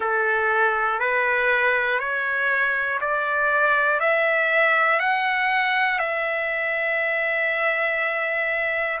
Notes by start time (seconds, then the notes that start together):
0.00 A4
1.00 B4
1.99 C#5
3.00 D5
4.00 E5
4.99 F#5
5.99 E5